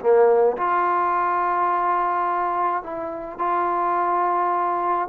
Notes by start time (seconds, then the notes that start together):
0.00 A#3
0.57 F4
2.83 E4
3.38 F4